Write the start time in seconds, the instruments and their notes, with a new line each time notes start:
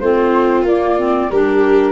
0.00 tuba A3, clarinet C4, viola F4, flute C5
0.63 tuba A#3, flute D5
0.69 clarinet A#3
0.99 clarinet C4
1.31 tuba G3, clarinet D4, viola G4, flute A#4